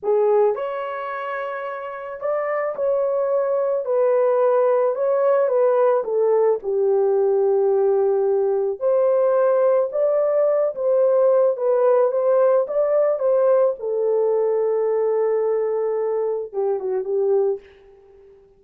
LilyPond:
\new Staff \with { instrumentName = "horn" } { \time 4/4 \tempo 4 = 109 gis'4 cis''2. | d''4 cis''2 b'4~ | b'4 cis''4 b'4 a'4 | g'1 |
c''2 d''4. c''8~ | c''4 b'4 c''4 d''4 | c''4 a'2.~ | a'2 g'8 fis'8 g'4 | }